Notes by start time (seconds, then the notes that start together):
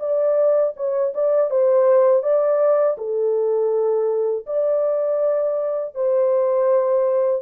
0.00 D5
0.77 C#5
1.14 D5
1.51 C5
2.23 D5
2.98 A4
4.47 D5
5.95 C5